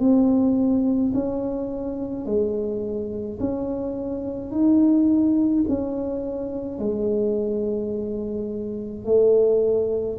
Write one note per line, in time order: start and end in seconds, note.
0.00 1.13 C4
1.14 2.26 C#4
2.26 3.39 G#3
3.40 4.51 C#4
4.51 5.64 D#4
5.69 6.79 C#4
6.79 9.05 G#3
9.05 10.18 A3